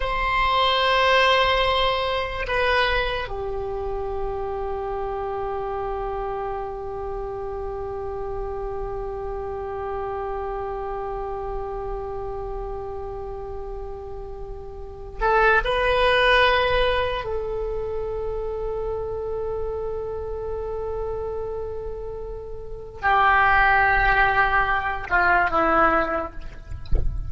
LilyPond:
\new Staff \with { instrumentName = "oboe" } { \time 4/4 \tempo 4 = 73 c''2. b'4 | g'1~ | g'1~ | g'1~ |
g'2~ g'8 a'8 b'4~ | b'4 a'2.~ | a'1 | g'2~ g'8 f'8 e'4 | }